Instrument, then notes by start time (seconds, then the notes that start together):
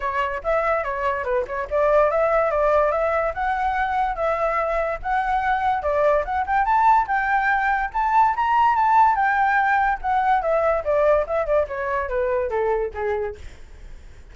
flute
0.00 C#5
0.43 E5
0.84 C#5
1.24 B4
1.47 C#5
1.70 D5
2.10 E5
2.50 D5
2.91 E5
3.34 F#5
4.15 E5
5.02 F#5
5.82 D5
6.25 F#5
6.46 G5
6.65 A5
7.07 G5
7.93 A5
8.35 A#5
8.75 A5
9.15 G5
10.01 F#5
10.42 E5
10.84 D5
11.26 E5
11.45 D5
11.67 C#5
12.09 B4
12.49 A4
12.94 G#4